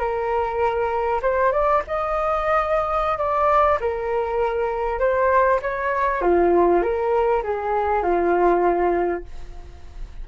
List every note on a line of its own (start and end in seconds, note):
0.00 1.21 A#4
1.22 1.53 C5
1.53 1.83 D5
1.88 3.18 D#5
3.18 3.79 D5
3.81 5.00 A#4
5.00 5.60 C5
5.62 6.22 C#5
6.22 6.83 F4
6.83 7.43 A#4
7.44 8.03 G#4
8.03 9.25 F4